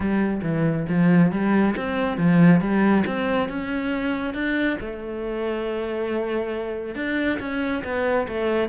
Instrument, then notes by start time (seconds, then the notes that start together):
cello
0.00 G3
0.42 E3
0.88 F3
1.31 G3
1.76 C4
2.17 F3
2.60 G3
3.06 C4
3.48 C#4
4.33 D4
4.80 A3
6.95 D4
7.39 C#4
7.83 B3
8.28 A3